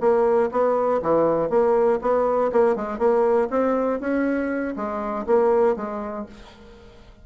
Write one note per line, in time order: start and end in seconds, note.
0.00 0.50 A#3
0.51 1.01 B3
1.02 1.50 E3
1.50 2.00 A#3
2.01 2.51 B3
2.52 2.76 A#3
2.76 2.98 G#3
2.98 3.48 A#3
3.50 4.00 C4
4.00 4.75 C#4
4.76 5.26 G#3
5.27 5.76 A#3
5.76 6.26 G#3